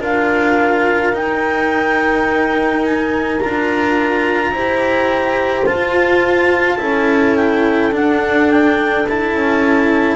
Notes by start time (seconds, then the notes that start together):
0.00 D4 F4 A#4 F5
1.13 D#4 G5
2.85 G#5
3.39 D4 F4 A#5
4.51 E4 G4 C5
5.66 F4 A5
6.78 C#4 E4 A4
7.36 G5
7.92 D4 F#5
8.50 G5
9.08 E4 A5
9.33 C#4